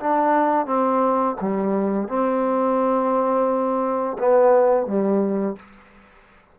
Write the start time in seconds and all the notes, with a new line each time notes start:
0.00 D4
0.66 C4
1.41 G3
2.08 C4
4.19 B3
4.87 G3